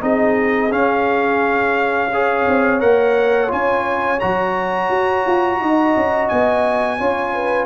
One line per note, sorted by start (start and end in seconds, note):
0.00 0.72 C4
0.00 0.70 D#4
0.00 2.11 G#4
0.00 0.72 D#5
0.71 2.11 C#4
0.71 2.46 C#4
0.71 2.80 F5
2.11 2.80 G#4
2.11 5.60 C#5
2.47 2.82 C4
2.80 3.51 A#3
2.80 3.48 A#4
2.80 3.50 F#5
3.48 4.22 C#4
3.48 4.17 F4
3.48 4.19 G#5
4.19 4.90 F#3
4.19 6.99 F#4
4.19 6.28 A#5
4.90 5.25 F#4
5.26 5.60 F4
5.60 5.95 D#4
5.60 6.98 D#5
5.96 6.31 C#4
6.28 7.00 B3
6.28 7.65 G#5
6.98 7.65 C#4
6.98 7.65 F4
6.98 7.33 C#5
7.33 7.65 B4